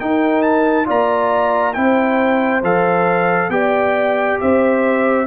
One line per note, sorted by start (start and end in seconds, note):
0.00 0.89 D#4
0.00 0.85 D#4
0.00 0.87 A#4
0.00 0.42 G5
0.42 0.86 A5
0.85 1.76 A#3
0.85 1.74 F4
0.85 1.75 D5
0.85 1.74 A#5
1.74 2.63 C4
1.74 2.62 E4
1.74 3.52 C5
1.74 2.62 G5
2.63 3.49 F3
2.63 3.50 A4
2.63 3.51 F5
3.49 4.37 B3
3.49 5.27 G4
3.49 4.42 D5
3.49 4.39 G5
4.41 5.27 C4
4.41 5.27 C5
4.41 5.27 E5